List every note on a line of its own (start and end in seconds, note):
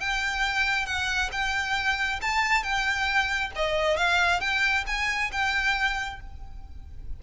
0.00 0.86 G5
0.86 1.30 F#5
1.32 2.20 G5
2.21 2.63 A5
2.63 3.51 G5
3.56 3.97 D#5
3.97 4.40 F5
4.40 4.84 G5
4.87 5.31 G#5
5.32 6.20 G5